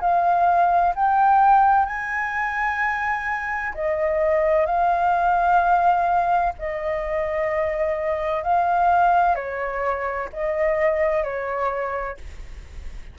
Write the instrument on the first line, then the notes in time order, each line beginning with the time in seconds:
flute
0.00 F5
0.95 G5
1.86 G#5
3.74 D#5
4.66 F5
6.59 D#5
8.43 F5
9.35 C#5
10.33 D#5
11.23 C#5